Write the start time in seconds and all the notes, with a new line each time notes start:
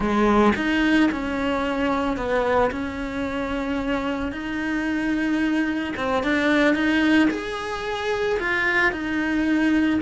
0.00 G#3
0.56 D#4
1.11 C#4
2.16 B3
2.71 C#4
4.31 D#4
5.96 C4
6.23 D4
6.74 D#4
7.30 G#4
8.39 F4
8.91 D#4